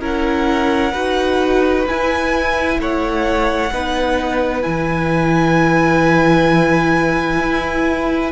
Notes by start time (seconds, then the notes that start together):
0.00 C#4 E4 A#4 F#5
0.92 D#4 F#4 B4
1.87 E4 G#5
2.78 A3 C#5 F#5
3.72 B3 D#4 B4
4.62 E3 E4 G#5
7.39 E4